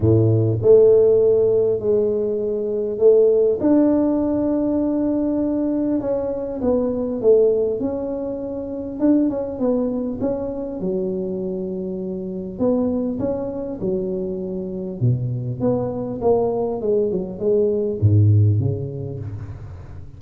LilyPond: \new Staff \with { instrumentName = "tuba" } { \time 4/4 \tempo 4 = 100 a,4 a2 gis4~ | gis4 a4 d'2~ | d'2 cis'4 b4 | a4 cis'2 d'8 cis'8 |
b4 cis'4 fis2~ | fis4 b4 cis'4 fis4~ | fis4 b,4 b4 ais4 | gis8 fis8 gis4 gis,4 cis4 | }